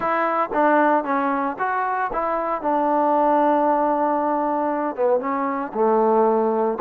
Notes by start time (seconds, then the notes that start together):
0.00 E4
0.53 D4
1.04 C#4
1.58 F#4
2.12 E4
2.61 D4
4.95 B3
5.20 C#4
5.74 A3